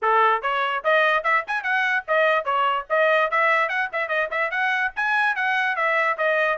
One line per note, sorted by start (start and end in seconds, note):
0.01 0.42 A4
0.42 0.83 C#5
0.83 1.23 D#5
1.23 1.44 E5
1.47 1.63 G#5
1.63 2.04 F#5
2.07 2.44 D#5
2.44 2.85 C#5
2.89 3.30 D#5
3.30 3.68 E5
3.68 3.89 F#5
3.92 4.08 E5
4.08 4.29 D#5
4.31 4.51 E5
4.51 4.92 F#5
4.95 5.35 G#5
5.35 5.76 F#5
5.76 6.17 E5
6.17 6.57 D#5